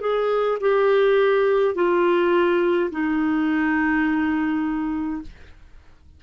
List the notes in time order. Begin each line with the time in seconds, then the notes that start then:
0.00 G#4
0.60 G4
1.75 F4
2.91 D#4